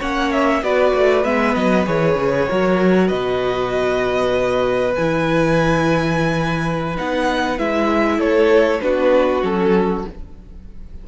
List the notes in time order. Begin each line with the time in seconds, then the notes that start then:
0.00 A#3 C#4 C#5 F#5
0.32 E5
0.62 B3 F#4 B4 D5
0.94 A3
1.24 G#3 B3 E5
1.55 F#3 D#5
1.86 E3 G#4 C#5
2.16 C#3
2.49 F#3 F#4 A#4
3.07 B2 B4 D#5
4.95 E3 E4 G#5
6.96 B3 D#4 F#5
7.58 G#3 E4 E5
8.18 A3 A4 C#5
8.81 B3 D4 F#4 B4
9.42 F#3 C#4 A4